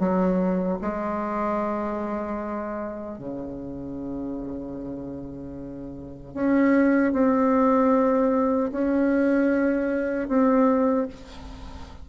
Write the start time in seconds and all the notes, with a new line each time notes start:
0.00 F#3
0.82 G#3
3.19 C#3
6.34 C#4
7.13 C4
8.72 C#4
10.28 C4